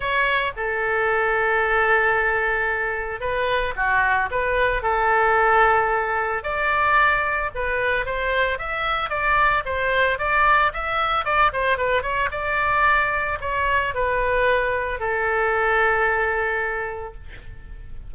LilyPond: \new Staff \with { instrumentName = "oboe" } { \time 4/4 \tempo 4 = 112 cis''4 a'2.~ | a'2 b'4 fis'4 | b'4 a'2. | d''2 b'4 c''4 |
e''4 d''4 c''4 d''4 | e''4 d''8 c''8 b'8 cis''8 d''4~ | d''4 cis''4 b'2 | a'1 | }